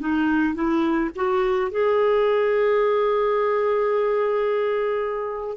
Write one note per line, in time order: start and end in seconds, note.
0.00 0.55 D#4
0.55 1.10 E4
1.16 1.72 F#4
1.72 5.58 G#4